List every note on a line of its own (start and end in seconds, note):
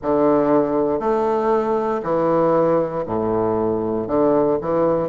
0.02 0.99 D3
0.99 2.01 A3
2.03 3.05 E3
3.06 4.07 A2
4.07 4.58 D3
4.61 5.08 E3